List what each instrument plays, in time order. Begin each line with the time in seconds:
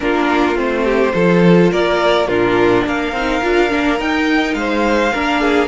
0.00 cello A#3, viola D4, violin F4 A#4
0.55 cello A3, viola C4, violin C5
0.83 violin G4
1.13 cello F3, viola F4, violin A4
1.71 cello A#3, violin A#4 D5
2.27 cello A#2, viola D4, violin F4 A#4
2.85 cello A#3, violin A#4 F5
3.11 cello C4, viola D#4
3.42 cello D4, viola F4
3.69 cello A#3, viola D4
3.97 viola D#4, cello D#4, violin G5
4.54 cello G#3, violin C5 F5
5.13 cello A#3, viola D4, violin A#4
5.41 violin G#4